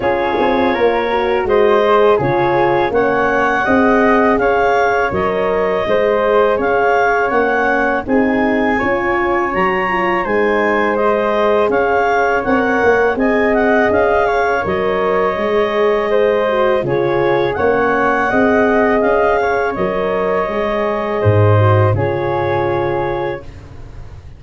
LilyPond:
<<
  \new Staff \with { instrumentName = "clarinet" } { \time 4/4 \tempo 4 = 82 cis''2 dis''4 cis''4 | fis''2 f''4 dis''4~ | dis''4 f''4 fis''4 gis''4~ | gis''4 ais''4 gis''4 dis''4 |
f''4 fis''4 gis''8 fis''8 f''4 | dis''2. cis''4 | fis''2 f''4 dis''4~ | dis''2 cis''2 | }
  \new Staff \with { instrumentName = "flute" } { \time 4/4 gis'4 ais'4 c''4 gis'4 | cis''4 dis''4 cis''2 | c''4 cis''2 gis'4 | cis''2 c''2 |
cis''2 dis''4. cis''8~ | cis''2 c''4 gis'4 | cis''4 dis''4. cis''4.~ | cis''4 c''4 gis'2 | }
  \new Staff \with { instrumentName = "horn" } { \time 4/4 f'4. fis'4 gis'8 f'4 | cis'4 gis'2 ais'4 | gis'2 cis'4 dis'4 | f'4 fis'8 f'8 dis'4 gis'4~ |
gis'4 ais'4 gis'2 | ais'4 gis'4. fis'8 f'4 | cis'4 gis'2 ais'4 | gis'4. fis'8 f'2 | }
  \new Staff \with { instrumentName = "tuba" } { \time 4/4 cis'8 c'8 ais4 gis4 cis4 | ais4 c'4 cis'4 fis4 | gis4 cis'4 ais4 c'4 | cis'4 fis4 gis2 |
cis'4 c'8 ais8 c'4 cis'4 | fis4 gis2 cis4 | ais4 c'4 cis'4 fis4 | gis4 gis,4 cis2 | }
>>